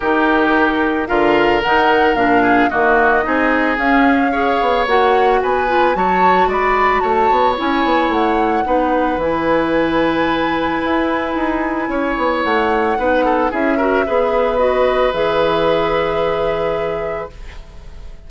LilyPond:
<<
  \new Staff \with { instrumentName = "flute" } { \time 4/4 \tempo 4 = 111 ais'2 f''4 fis''4 | f''4 dis''2 f''4~ | f''4 fis''4 gis''4 a''4 | b''4 a''4 gis''4 fis''4~ |
fis''4 gis''2.~ | gis''2. fis''4~ | fis''4 e''2 dis''4 | e''1 | }
  \new Staff \with { instrumentName = "oboe" } { \time 4/4 g'2 ais'2~ | ais'8 gis'8 fis'4 gis'2 | cis''2 b'4 cis''4 | d''4 cis''2. |
b'1~ | b'2 cis''2 | b'8 a'8 gis'8 ais'8 b'2~ | b'1 | }
  \new Staff \with { instrumentName = "clarinet" } { \time 4/4 dis'2 f'4 dis'4 | d'4 ais4 dis'4 cis'4 | gis'4 fis'4. f'8 fis'4~ | fis'2 e'2 |
dis'4 e'2.~ | e'1 | dis'4 e'8 fis'8 gis'4 fis'4 | gis'1 | }
  \new Staff \with { instrumentName = "bassoon" } { \time 4/4 dis2 d4 dis4 | ais,4 dis4 c'4 cis'4~ | cis'8 b8 ais4 b4 fis4 | gis4 a8 b8 cis'8 b8 a4 |
b4 e2. | e'4 dis'4 cis'8 b8 a4 | b4 cis'4 b2 | e1 | }
>>